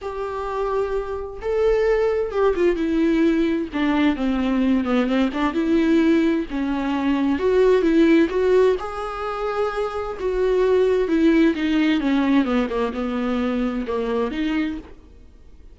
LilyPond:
\new Staff \with { instrumentName = "viola" } { \time 4/4 \tempo 4 = 130 g'2. a'4~ | a'4 g'8 f'8 e'2 | d'4 c'4. b8 c'8 d'8 | e'2 cis'2 |
fis'4 e'4 fis'4 gis'4~ | gis'2 fis'2 | e'4 dis'4 cis'4 b8 ais8 | b2 ais4 dis'4 | }